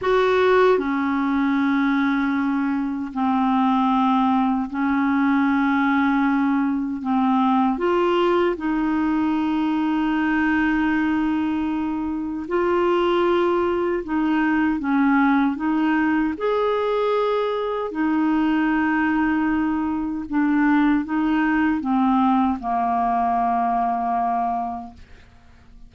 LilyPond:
\new Staff \with { instrumentName = "clarinet" } { \time 4/4 \tempo 4 = 77 fis'4 cis'2. | c'2 cis'2~ | cis'4 c'4 f'4 dis'4~ | dis'1 |
f'2 dis'4 cis'4 | dis'4 gis'2 dis'4~ | dis'2 d'4 dis'4 | c'4 ais2. | }